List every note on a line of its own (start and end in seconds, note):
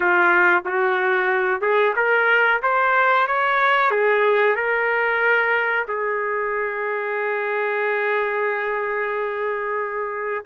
0.00 0.63 F4
0.65 1.61 F#4
1.61 1.94 G#4
1.96 2.61 A#4
2.62 3.27 C5
3.27 3.90 C#5
3.90 4.55 G#4
4.55 5.85 A#4
5.88 10.44 G#4